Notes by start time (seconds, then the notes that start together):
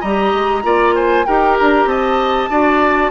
0.00 G3 G4 D#5 A#5
0.33 G#3
0.63 A#3 F4 D5
0.95 C5 G#5
1.25 D#4 G4 A#4 G5
1.59 D4 A#5
1.85 C4 D#5 A5
2.49 D4 F#4 D5